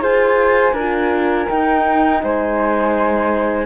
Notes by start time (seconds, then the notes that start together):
0.00 F4 G#4 C5 G#5
0.73 D4 A#4
0.79 F4
1.49 D#4 G5
2.24 G#3 C5 G#5